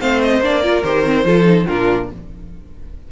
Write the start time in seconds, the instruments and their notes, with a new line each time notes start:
0.00 cello A3, viola C4, violin C5 F5
0.22 violin D#5
0.40 cello A#3, viola D4, violin D5
0.62 viola F4, violin A#4
0.83 cello D#3, viola G4, violin C5
1.04 viola C4
1.24 cello F3, viola F4, violin A4
1.44 viola D#4
1.67 cello A#2, viola D4, violin F4 A#4